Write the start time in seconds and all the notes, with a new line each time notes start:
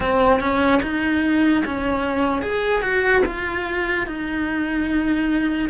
0.00 C4
0.40 C#4
0.82 D#4
1.65 C#4
2.41 G#4
2.82 F#4
3.25 F4
4.07 D#4